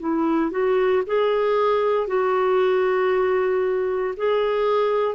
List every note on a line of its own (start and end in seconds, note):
0.00 0.51 E4
0.51 1.03 F#4
1.07 2.08 G#4
2.08 4.15 F#4
4.18 5.15 G#4